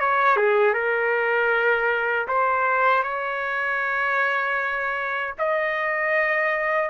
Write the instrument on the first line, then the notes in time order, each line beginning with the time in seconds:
trumpet
0.00 C#5
0.36 G#4
0.74 A#4
2.28 C5
3.03 C#5
5.39 D#5